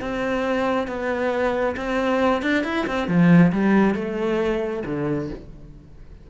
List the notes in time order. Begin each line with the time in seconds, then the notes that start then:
0.00 C4
0.87 B3
1.77 C4
2.42 D4
2.64 E4
2.87 C4
3.08 F3
3.52 G3
3.95 A3
4.85 D3